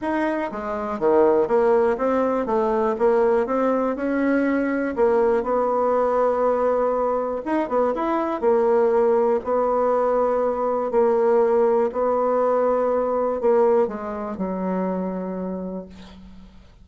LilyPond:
\new Staff \with { instrumentName = "bassoon" } { \time 4/4 \tempo 4 = 121 dis'4 gis4 dis4 ais4 | c'4 a4 ais4 c'4 | cis'2 ais4 b4~ | b2. dis'8 b8 |
e'4 ais2 b4~ | b2 ais2 | b2. ais4 | gis4 fis2. | }